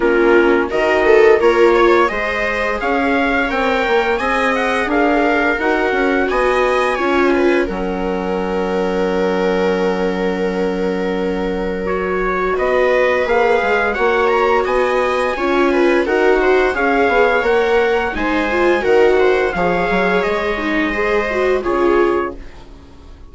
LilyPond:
<<
  \new Staff \with { instrumentName = "trumpet" } { \time 4/4 \tempo 4 = 86 ais'4 dis''4 cis''4 dis''4 | f''4 g''4 gis''8 fis''8 f''4 | fis''4 gis''2 fis''4~ | fis''1~ |
fis''4 cis''4 dis''4 f''4 | fis''8 ais''8 gis''2 fis''4 | f''4 fis''4 gis''4 fis''4 | f''4 dis''2 cis''4 | }
  \new Staff \with { instrumentName = "viola" } { \time 4/4 f'4 ais'8 a'8 ais'8 cis''8 c''4 | cis''2 dis''4 ais'4~ | ais'4 dis''4 cis''8 b'8 ais'4~ | ais'1~ |
ais'2 b'2 | cis''4 dis''4 cis''8 b'8 ais'8 c''8 | cis''2 c''4 ais'8 c''8 | cis''2 c''4 gis'4 | }
  \new Staff \with { instrumentName = "viola" } { \time 4/4 cis'4 fis'4 f'4 gis'4~ | gis'4 ais'4 gis'2 | fis'2 f'4 cis'4~ | cis'1~ |
cis'4 fis'2 gis'4 | fis'2 f'4 fis'4 | gis'4 ais'4 dis'8 f'8 fis'4 | gis'4. dis'8 gis'8 fis'8 f'4 | }
  \new Staff \with { instrumentName = "bassoon" } { \time 4/4 ais4 dis4 ais4 gis4 | cis'4 c'8 ais8 c'4 d'4 | dis'8 cis'8 b4 cis'4 fis4~ | fis1~ |
fis2 b4 ais8 gis8 | ais4 b4 cis'4 dis'4 | cis'8 b8 ais4 gis4 dis4 | f8 fis8 gis2 cis4 | }
>>